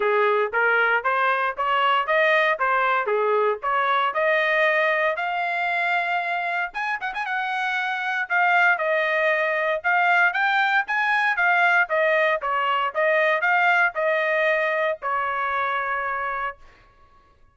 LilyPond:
\new Staff \with { instrumentName = "trumpet" } { \time 4/4 \tempo 4 = 116 gis'4 ais'4 c''4 cis''4 | dis''4 c''4 gis'4 cis''4 | dis''2 f''2~ | f''4 gis''8 fis''16 gis''16 fis''2 |
f''4 dis''2 f''4 | g''4 gis''4 f''4 dis''4 | cis''4 dis''4 f''4 dis''4~ | dis''4 cis''2. | }